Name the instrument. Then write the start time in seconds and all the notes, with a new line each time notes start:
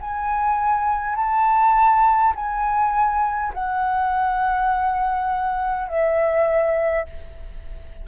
flute
0.00 G#5
1.16 A5
2.35 G#5
3.53 F#5
5.88 E5